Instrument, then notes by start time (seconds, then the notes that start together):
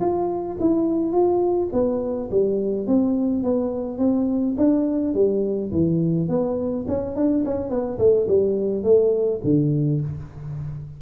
tuba
0.00 F4
0.60 E4
1.12 F4
1.72 B3
2.31 G3
2.87 C4
3.43 B3
3.98 C4
4.57 D4
5.14 G3
5.71 E3
6.28 B3
6.88 C#4
7.16 D4
7.45 C#4
7.70 B3
7.98 A3
8.28 G3
8.83 A3
9.44 D3